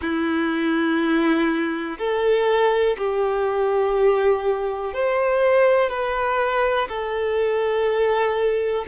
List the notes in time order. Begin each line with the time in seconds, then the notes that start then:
0.01 E4
1.98 A4
2.97 G4
4.93 C5
5.89 B4
6.88 A4